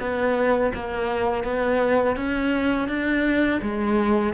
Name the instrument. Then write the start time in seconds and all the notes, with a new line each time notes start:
cello
0.00 B3
0.74 A#3
1.44 B3
2.16 C#4
2.88 D4
3.61 G#3